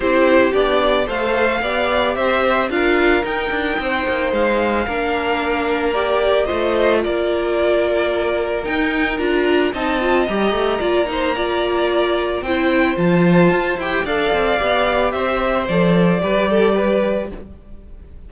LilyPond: <<
  \new Staff \with { instrumentName = "violin" } { \time 4/4 \tempo 4 = 111 c''4 d''4 f''2 | e''4 f''4 g''2 | f''2. d''4 | dis''4 d''2. |
g''4 ais''4 a''4 ais''4~ | ais''2. g''4 | a''4. g''8 f''2 | e''4 d''2. | }
  \new Staff \with { instrumentName = "violin" } { \time 4/4 g'2 c''4 d''4 | c''4 ais'2 c''4~ | c''4 ais'2. | c''4 ais'2.~ |
ais'2 dis''2 | d''8 c''8 d''2 c''4~ | c''2 d''2 | c''2 b'8 a'8 b'4 | }
  \new Staff \with { instrumentName = "viola" } { \time 4/4 e'4 d'4 a'4 g'4~ | g'4 f'4 dis'2~ | dis'4 d'2 g'4 | f'1 |
dis'4 f'4 dis'8 f'8 g'4 | f'8 dis'8 f'2 e'4 | f'4. g'8 a'4 g'4~ | g'4 a'4 g'2 | }
  \new Staff \with { instrumentName = "cello" } { \time 4/4 c'4 b4 a4 b4 | c'4 d'4 dis'8 d'8 c'8 ais8 | gis4 ais2. | a4 ais2. |
dis'4 d'4 c'4 g8 a8 | ais2. c'4 | f4 f'8 e'8 d'8 c'8 b4 | c'4 f4 g2 | }
>>